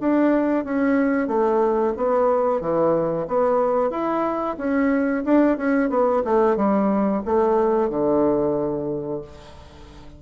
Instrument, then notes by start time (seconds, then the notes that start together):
bassoon
0.00 D4
0.64 C#4
1.27 A3
1.97 B3
2.61 E3
3.28 B3
3.91 E4
4.58 C#4
5.25 D4
5.57 C#4
5.90 B3
6.25 A3
6.57 G3
7.26 A3
7.90 D3